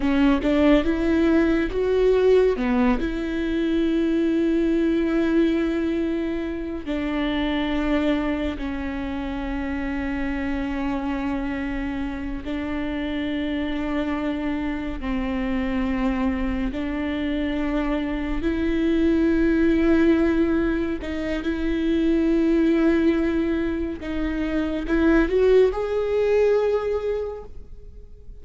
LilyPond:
\new Staff \with { instrumentName = "viola" } { \time 4/4 \tempo 4 = 70 cis'8 d'8 e'4 fis'4 b8 e'8~ | e'1 | d'2 cis'2~ | cis'2~ cis'8 d'4.~ |
d'4. c'2 d'8~ | d'4. e'2~ e'8~ | e'8 dis'8 e'2. | dis'4 e'8 fis'8 gis'2 | }